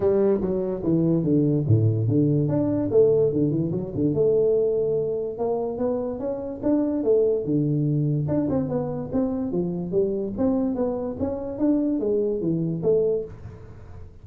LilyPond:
\new Staff \with { instrumentName = "tuba" } { \time 4/4 \tempo 4 = 145 g4 fis4 e4 d4 | a,4 d4 d'4 a4 | d8 e8 fis8 d8 a2~ | a4 ais4 b4 cis'4 |
d'4 a4 d2 | d'8 c'8 b4 c'4 f4 | g4 c'4 b4 cis'4 | d'4 gis4 e4 a4 | }